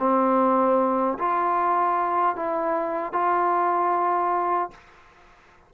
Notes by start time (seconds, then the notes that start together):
0.00 C4
1.19 F4
2.36 E4
3.13 F4